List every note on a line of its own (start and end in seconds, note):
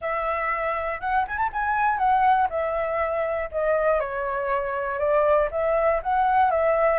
0.01 1.00 E5
1.00 1.25 F#5
1.27 1.37 G#5
1.37 1.50 A5
1.52 1.97 G#5
1.97 2.48 F#5
2.49 3.49 E5
3.51 4.00 D#5
4.00 4.99 C#5
4.99 5.49 D5
5.51 6.01 E5
6.02 6.50 F#5
6.50 6.99 E5